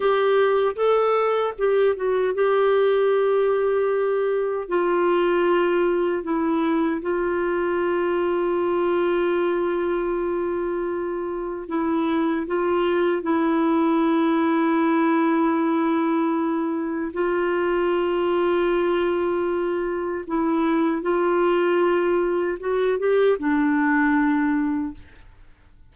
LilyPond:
\new Staff \with { instrumentName = "clarinet" } { \time 4/4 \tempo 4 = 77 g'4 a'4 g'8 fis'8 g'4~ | g'2 f'2 | e'4 f'2.~ | f'2. e'4 |
f'4 e'2.~ | e'2 f'2~ | f'2 e'4 f'4~ | f'4 fis'8 g'8 d'2 | }